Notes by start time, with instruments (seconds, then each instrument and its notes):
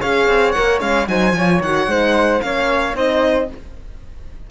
0.00 cello C#4, horn G#4, flute C#5, violin F5
0.28 cello C4
0.52 horn A#4, violin F#5
0.58 cello A#3
0.79 cello G#3, horn C#4, violin F5
1.07 cello F#3, horn D#4, flute C5, violin G#5
1.33 cello F3, horn F4, flute C#5
1.60 cello D#3, horn F#4, violin F#5
1.87 cello G#3, horn D#4, flute C5
2.41 cello A#3, horn C#4, flute C#5, violin F5
2.94 cello C4, horn D#4, flute C5, violin D#5